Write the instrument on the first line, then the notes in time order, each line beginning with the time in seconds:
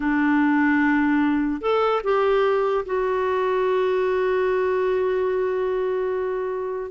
clarinet
0.00 D4
1.61 A4
2.03 G4
2.85 F#4